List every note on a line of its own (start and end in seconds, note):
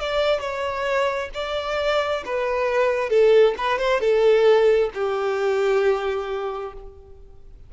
0.00 0.40 D5
0.40 1.30 C#5
1.34 2.23 D5
2.25 3.09 B4
3.09 3.54 A4
3.58 3.79 B4
3.79 4.00 C5
4.00 4.90 A4
4.94 6.73 G4